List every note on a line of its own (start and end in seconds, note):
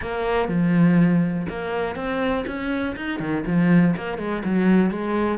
0.01 0.48 A#3
0.48 1.46 F3
1.48 1.95 A#3
1.95 2.44 C4
2.46 2.95 C#4
2.96 3.19 D#4
3.19 3.44 D#3
3.46 3.95 F3
3.96 4.18 A#3
4.18 4.42 G#3
4.44 4.90 F#3
4.90 5.38 G#3